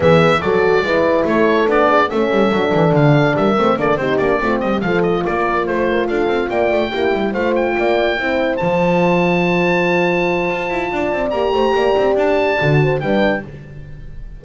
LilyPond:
<<
  \new Staff \with { instrumentName = "oboe" } { \time 4/4 \tempo 4 = 143 e''4 d''2 cis''4 | d''4 e''2 f''4 | e''4 d''8 c''8 d''4 dis''8 f''8 | dis''8 d''4 c''4 f''4 g''8~ |
g''4. f''8 g''2~ | g''8 a''2.~ a''8~ | a''2. ais''4~ | ais''4 a''2 g''4 | }
  \new Staff \with { instrumentName = "horn" } { \time 4/4 gis'4 a'4 b'4 a'4~ | a'8 gis'8 a'2. | ais'4 a'8 g'4 f'8 g'8 a'8~ | a'8 ais'4 c''8 ais'8 a'4 d''8~ |
d''8 g'4 c''4 d''4 c''8~ | c''1~ | c''2 d''4. c''8 | d''2~ d''8 c''8 b'4 | }
  \new Staff \with { instrumentName = "horn" } { \time 4/4 b4 fis'4 e'2 | d'4 cis'4 d'2~ | d'8 c'8 d'8 dis'8 d'8 c'4 f'8~ | f'1~ |
f'8 e'4 f'2 e'8~ | e'8 f'2.~ f'8~ | f'2. g'4~ | g'2 fis'4 d'4 | }
  \new Staff \with { instrumentName = "double bass" } { \time 4/4 e4 fis4 gis4 a4 | b4 a8 g8 fis8 e8 d4 | g8 a8 ais8 c'8 ais8 a8 g8 f8~ | f8 ais4 a4 d'8 c'8 ais8 |
a8 ais8 g8 a4 ais4 c'8~ | c'8 f2.~ f8~ | f4 f'8 e'8 d'8 c'8 ais8 a8 | ais8 c'8 d'4 d4 g4 | }
>>